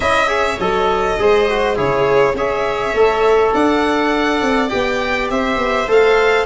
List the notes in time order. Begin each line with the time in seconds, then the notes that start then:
0.00 C#4 E4 D#5 E5
0.27 G#4 C#5
0.59 F#3 A4 D#5
1.18 G#3 G#4 C5
1.49 F#4
1.75 C#3 E4 G#4 C#5
2.33 C#4 G#4 C#5 E5
2.93 A3 A4
3.53 D4 D5 F#5
4.41 C4
4.69 B3 G4 G5
5.30 C4 C5 E5
5.56 B3
5.87 A3 A4 F5